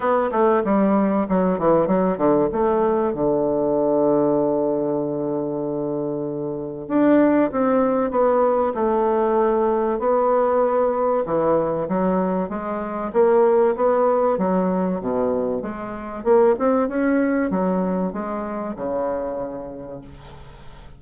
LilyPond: \new Staff \with { instrumentName = "bassoon" } { \time 4/4 \tempo 4 = 96 b8 a8 g4 fis8 e8 fis8 d8 | a4 d2.~ | d2. d'4 | c'4 b4 a2 |
b2 e4 fis4 | gis4 ais4 b4 fis4 | b,4 gis4 ais8 c'8 cis'4 | fis4 gis4 cis2 | }